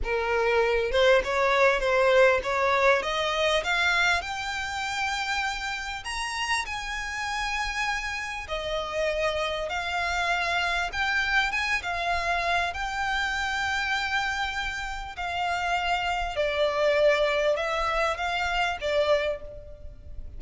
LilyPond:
\new Staff \with { instrumentName = "violin" } { \time 4/4 \tempo 4 = 99 ais'4. c''8 cis''4 c''4 | cis''4 dis''4 f''4 g''4~ | g''2 ais''4 gis''4~ | gis''2 dis''2 |
f''2 g''4 gis''8 f''8~ | f''4 g''2.~ | g''4 f''2 d''4~ | d''4 e''4 f''4 d''4 | }